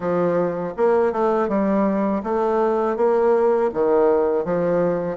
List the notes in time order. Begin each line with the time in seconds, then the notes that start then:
0.00 F3
0.76 A#3
1.12 A3
1.48 G3
2.23 A3
2.96 A#3
3.73 D#3
4.44 F3